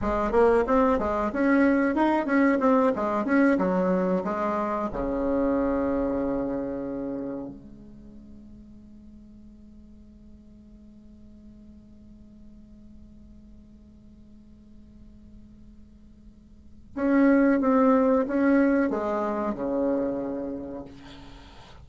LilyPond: \new Staff \with { instrumentName = "bassoon" } { \time 4/4 \tempo 4 = 92 gis8 ais8 c'8 gis8 cis'4 dis'8 cis'8 | c'8 gis8 cis'8 fis4 gis4 cis8~ | cis2.~ cis8 gis8~ | gis1~ |
gis1~ | gis1~ | gis2 cis'4 c'4 | cis'4 gis4 cis2 | }